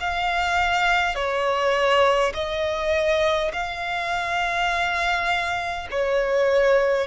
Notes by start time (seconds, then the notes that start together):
0.00 F5
1.15 C#5
2.34 D#5
3.52 F5
5.91 C#5